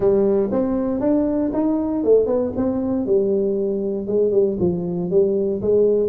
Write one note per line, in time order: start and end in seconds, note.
0.00 0.50 G3
0.51 1.00 C4
1.00 1.51 D4
1.53 2.04 D#4
2.04 2.26 A3
2.26 2.52 B3
2.56 3.06 C4
3.06 4.07 G3
4.07 4.31 G#3
4.31 4.57 G3
4.59 5.10 F3
5.10 5.61 G3
5.61 6.09 G#3